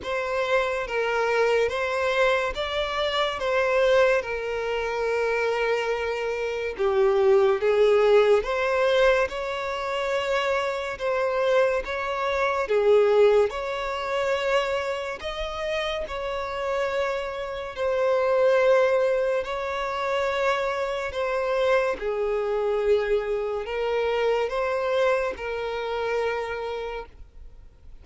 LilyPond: \new Staff \with { instrumentName = "violin" } { \time 4/4 \tempo 4 = 71 c''4 ais'4 c''4 d''4 | c''4 ais'2. | g'4 gis'4 c''4 cis''4~ | cis''4 c''4 cis''4 gis'4 |
cis''2 dis''4 cis''4~ | cis''4 c''2 cis''4~ | cis''4 c''4 gis'2 | ais'4 c''4 ais'2 | }